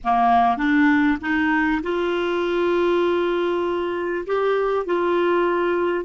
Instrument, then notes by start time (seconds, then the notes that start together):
clarinet
0.03 A#3
0.57 D4
1.21 D#4
1.82 F4
4.26 G4
4.85 F4